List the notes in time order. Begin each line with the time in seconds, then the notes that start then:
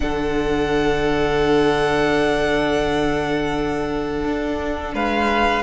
0.00 D3 D4 A4 F#5
4.24 D4
4.94 G#3 B4 F5